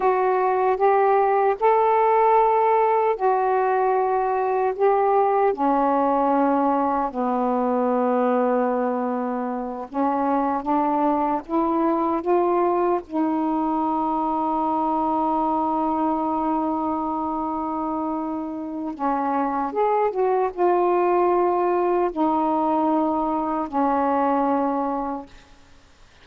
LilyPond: \new Staff \with { instrumentName = "saxophone" } { \time 4/4 \tempo 4 = 76 fis'4 g'4 a'2 | fis'2 g'4 cis'4~ | cis'4 b2.~ | b8 cis'4 d'4 e'4 f'8~ |
f'8 dis'2.~ dis'8~ | dis'1 | cis'4 gis'8 fis'8 f'2 | dis'2 cis'2 | }